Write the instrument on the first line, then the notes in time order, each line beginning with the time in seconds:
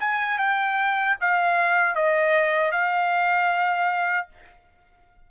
trumpet
0.00 G#5
0.39 G5
1.21 F5
1.95 D#5
2.72 F5